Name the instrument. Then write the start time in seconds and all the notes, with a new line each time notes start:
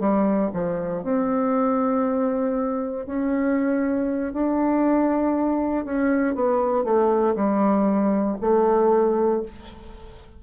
bassoon
0.00 G3
0.54 F3
1.04 C4
3.06 C#4
4.33 D4
5.85 C#4
6.36 B3
6.84 A3
7.35 G3
8.41 A3